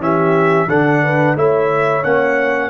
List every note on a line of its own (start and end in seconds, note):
0.00 0.67 E3
0.00 0.68 C#4
0.00 0.68 G4
0.00 0.70 E5
0.68 1.36 D3
0.68 1.37 D4
0.68 1.02 A4
0.68 1.37 F#5
1.04 1.38 B4
1.36 2.03 A3
1.36 2.04 E4
1.36 2.70 C#5
1.36 2.04 E5
2.04 2.70 A#3
2.04 2.70 C#4
2.04 2.70 F#5